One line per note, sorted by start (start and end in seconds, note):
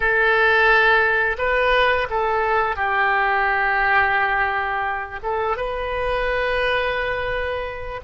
0.00 1.36 A4
1.38 2.07 B4
2.09 2.76 A4
2.76 5.20 G4
5.22 5.57 A4
5.57 8.00 B4